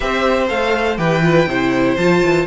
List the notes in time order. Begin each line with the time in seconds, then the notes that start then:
0.00 C4 G4 C5 E5
0.47 A3 A4 F5
0.97 E3 G4 B4 G5
1.22 F4
1.47 C3 E4 C5
1.96 F3 F4 A5
2.23 E3